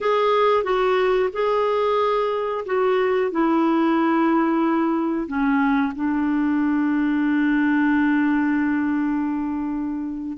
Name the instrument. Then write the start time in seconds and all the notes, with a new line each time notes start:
clarinet
0.01 G#4
0.63 F#4
1.32 G#4
2.65 F#4
3.31 E4
5.27 C#4
5.95 D4